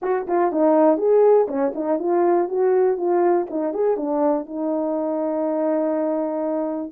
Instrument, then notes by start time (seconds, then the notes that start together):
horn
0.01 F#4
0.27 F4
0.52 D#4
0.97 G#4
1.48 C#4
1.74 D#4
1.99 F4
2.48 F#4
2.97 F4
3.50 D#4
3.73 G#4
3.96 D4
4.45 D#4